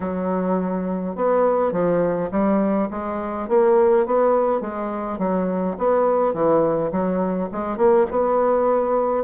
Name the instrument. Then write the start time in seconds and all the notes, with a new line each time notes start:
bassoon
0.00 F#3
1.15 B3
1.72 F3
2.31 G3
2.90 G#3
3.48 A#3
4.06 B3
4.60 G#3
5.18 F#3
5.78 B3
6.33 E3
6.91 F#3
7.52 G#3
7.77 A#3
8.11 B3